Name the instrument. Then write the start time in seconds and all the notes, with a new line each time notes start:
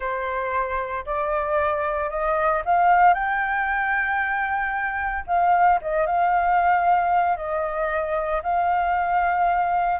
flute
0.00 C5
1.05 D5
2.09 D#5
2.65 F5
3.14 G5
5.27 F5
5.81 D#5
6.06 F5
7.36 D#5
8.43 F5